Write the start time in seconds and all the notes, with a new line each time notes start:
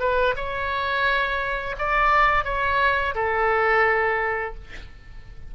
0.00 B4
0.36 C#5
1.79 D5
2.45 C#5
3.15 A4